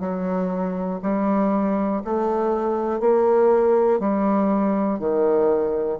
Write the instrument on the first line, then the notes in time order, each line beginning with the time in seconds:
bassoon
0.00 F#3
1.02 G3
2.04 A3
3.00 A#3
4.00 G3
4.99 D#3